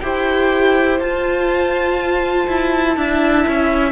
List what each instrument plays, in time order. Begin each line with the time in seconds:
0.00 cello E4, viola G4, violin C5 G5
0.99 cello F4, viola F4, violin A5
2.48 cello E4
2.95 cello D4, viola E4, violin E5
3.47 cello C#4